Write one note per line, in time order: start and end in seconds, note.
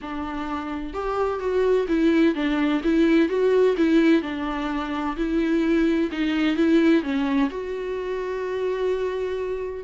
0.01 0.93 D4
0.93 1.39 G4
1.39 1.86 F#4
1.88 2.34 E4
2.34 2.81 D4
2.83 3.28 E4
3.28 3.75 F#4
3.77 4.22 E4
4.22 5.15 D4
5.16 6.10 E4
6.11 6.56 D#4
6.56 7.02 E4
7.02 7.49 C#4
7.50 9.84 F#4